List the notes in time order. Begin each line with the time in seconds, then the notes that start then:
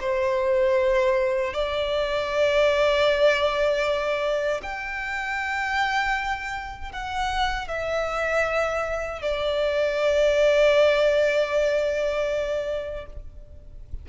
0.00 C5
1.53 D5
4.63 G5
6.92 F#5
7.68 E5
9.22 D5